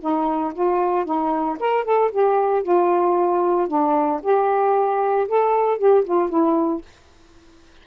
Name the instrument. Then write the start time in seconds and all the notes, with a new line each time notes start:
saxophone
0.00 D#4
0.54 F4
1.05 D#4
1.59 A#4
1.84 A4
2.11 G4
2.62 F4
3.68 D4
4.22 G4
5.28 A4
5.78 G4
6.04 F4
6.29 E4